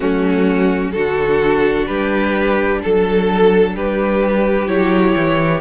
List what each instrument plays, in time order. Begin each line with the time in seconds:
0.00 cello F#3, viola A3, violin C#4 F#4
0.91 cello D3, viola D4, violin F#4 A4
1.86 cello G3, violin G4 B4
2.82 cello F#3, violin A4
3.74 cello G3, violin G4 B4
4.67 cello F#3, viola E4, violin C#5
5.15 cello E3